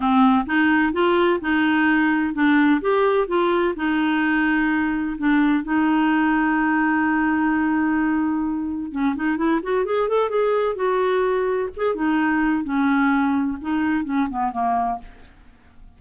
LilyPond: \new Staff \with { instrumentName = "clarinet" } { \time 4/4 \tempo 4 = 128 c'4 dis'4 f'4 dis'4~ | dis'4 d'4 g'4 f'4 | dis'2. d'4 | dis'1~ |
dis'2. cis'8 dis'8 | e'8 fis'8 gis'8 a'8 gis'4 fis'4~ | fis'4 gis'8 dis'4. cis'4~ | cis'4 dis'4 cis'8 b8 ais4 | }